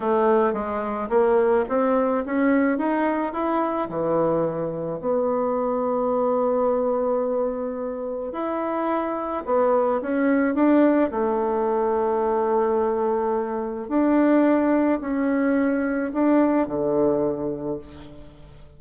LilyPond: \new Staff \with { instrumentName = "bassoon" } { \time 4/4 \tempo 4 = 108 a4 gis4 ais4 c'4 | cis'4 dis'4 e'4 e4~ | e4 b2.~ | b2. e'4~ |
e'4 b4 cis'4 d'4 | a1~ | a4 d'2 cis'4~ | cis'4 d'4 d2 | }